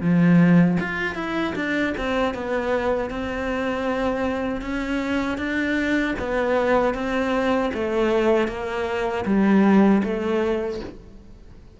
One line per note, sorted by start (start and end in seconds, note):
0.00 0.77 F3
0.80 1.15 F4
1.15 1.53 E4
1.55 1.93 D4
1.97 2.34 C4
2.34 3.10 B3
3.10 4.61 C4
4.61 5.37 C#4
5.37 6.14 D4
6.19 6.94 B3
6.94 7.71 C4
7.74 8.48 A3
8.48 9.24 A#3
9.25 10.02 G3
10.03 10.80 A3